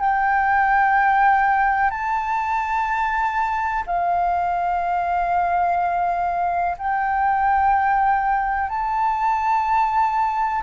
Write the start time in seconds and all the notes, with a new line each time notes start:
0.00 G5
1.90 A5
3.87 F5
6.78 G5
8.69 A5